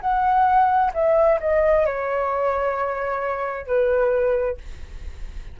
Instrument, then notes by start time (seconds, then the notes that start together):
flute
0.00 F#5
0.93 E5
1.40 D#5
1.86 C#5
3.66 B4